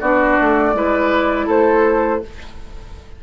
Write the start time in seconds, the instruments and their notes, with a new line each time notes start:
0.00 bassoon B3, clarinet D4, oboe F#4, flute D5
0.40 bassoon A3
0.73 bassoon G#3, clarinet E4, oboe B4
1.46 bassoon A3, oboe A4, flute C5